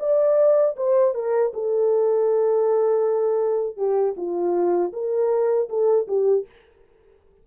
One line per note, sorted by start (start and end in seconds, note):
0.00 0.76 D5
0.77 1.15 C5
1.15 1.53 A#4
1.54 3.77 A4
3.77 4.15 G4
4.17 4.93 F4
4.93 5.69 A#4
5.70 6.08 A4
6.08 6.46 G4